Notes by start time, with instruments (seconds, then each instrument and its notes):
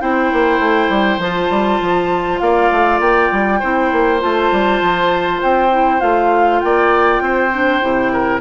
0.00 bassoon C4, clarinet E4, oboe C5, flute G5
0.32 bassoon A#3
0.59 bassoon A3
0.89 bassoon G3
1.18 bassoon F3, clarinet F4, flute A5
1.50 bassoon G3
1.80 bassoon F3
2.39 bassoon A#3, oboe D5, flute F5
2.71 bassoon A3
3.00 bassoon A#3, flute G5
3.31 bassoon G3
3.59 bassoon C4, clarinet E4, oboe C5
3.92 bassoon A#3
4.19 bassoon A3, clarinet F4, flute A5
4.52 bassoon G3
4.81 bassoon F3
5.42 bassoon C4, flute G5
5.70 clarinet E4
6.00 bassoon A3, clarinet F4, flute F5
6.59 bassoon A#3, oboe D5, flute G5
7.21 bassoon C4, oboe C5
7.52 clarinet D4
7.81 bassoon C3, clarinet E4
8.12 oboe A#4